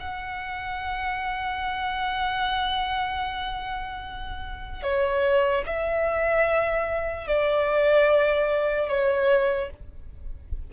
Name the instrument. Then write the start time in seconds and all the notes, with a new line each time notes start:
violin
0.00 F#5
4.84 C#5
5.66 E5
7.28 D5
8.89 C#5